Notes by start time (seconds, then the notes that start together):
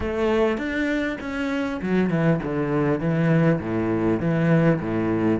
0.00 A3
0.57 D4
1.20 C#4
1.82 F#3
2.09 E3
2.43 D3
2.99 E3
3.60 A2
4.19 E3
4.80 A2